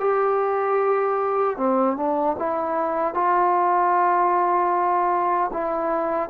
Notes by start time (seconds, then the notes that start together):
0.00 G4
1.58 C4
1.97 D4
2.39 E4
3.14 F4
5.53 E4